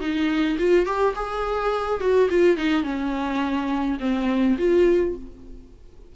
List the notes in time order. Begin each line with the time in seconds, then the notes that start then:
0.00 D#4
0.58 F4
0.85 G4
1.15 G#4
2.00 F#4
2.30 F4
2.57 D#4
2.83 C#4
3.99 C4
4.58 F4